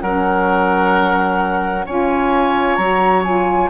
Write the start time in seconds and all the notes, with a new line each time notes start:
0.00 F#3 C#4 A#4 F#5
1.85 C#4 F4 C#5 G#5
2.75 F#3 F#4 A#5
3.23 F4 G#5